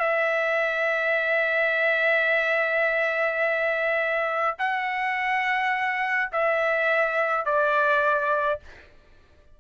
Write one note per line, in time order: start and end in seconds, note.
0.00 4.57 E5
4.59 6.31 F#5
6.33 7.46 E5
7.46 8.60 D5